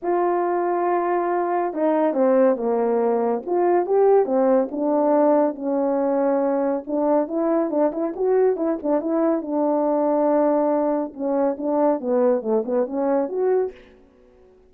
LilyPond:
\new Staff \with { instrumentName = "horn" } { \time 4/4 \tempo 4 = 140 f'1 | dis'4 c'4 ais2 | f'4 g'4 c'4 d'4~ | d'4 cis'2. |
d'4 e'4 d'8 e'8 fis'4 | e'8 d'8 e'4 d'2~ | d'2 cis'4 d'4 | b4 a8 b8 cis'4 fis'4 | }